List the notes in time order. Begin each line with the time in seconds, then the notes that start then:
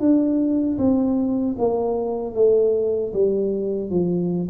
0.00 D4
0.79 C4
1.59 A#3
2.35 A3
3.14 G3
3.91 F3